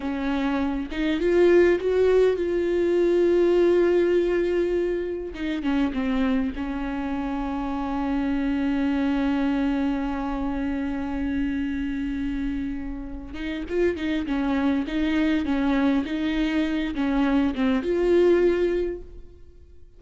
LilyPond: \new Staff \with { instrumentName = "viola" } { \time 4/4 \tempo 4 = 101 cis'4. dis'8 f'4 fis'4 | f'1~ | f'4 dis'8 cis'8 c'4 cis'4~ | cis'1~ |
cis'1~ | cis'2~ cis'8 dis'8 f'8 dis'8 | cis'4 dis'4 cis'4 dis'4~ | dis'8 cis'4 c'8 f'2 | }